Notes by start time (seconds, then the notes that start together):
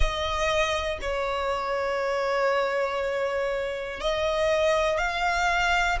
0.00 D#5
1.00 C#5
4.00 D#5
4.98 F5